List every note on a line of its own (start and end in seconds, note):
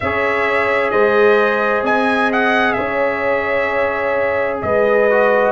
0.00 0.92 C#4
0.00 5.10 G#4
0.00 0.92 C#5
0.00 0.90 E5
0.90 1.82 G#3
0.90 1.83 C5
0.90 1.82 D#5
1.82 2.74 C4
1.82 2.76 D#5
1.82 2.31 G#5
2.32 2.72 F#5
2.72 4.62 C#4
2.72 4.61 C#5
2.72 4.57 E5
4.61 5.52 G#3
4.61 5.52 B4
4.61 5.52 D#5
5.10 5.52 F#4